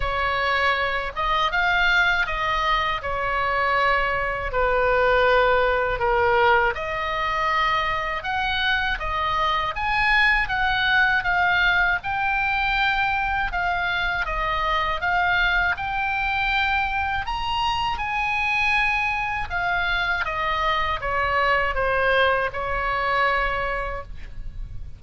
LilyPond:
\new Staff \with { instrumentName = "oboe" } { \time 4/4 \tempo 4 = 80 cis''4. dis''8 f''4 dis''4 | cis''2 b'2 | ais'4 dis''2 fis''4 | dis''4 gis''4 fis''4 f''4 |
g''2 f''4 dis''4 | f''4 g''2 ais''4 | gis''2 f''4 dis''4 | cis''4 c''4 cis''2 | }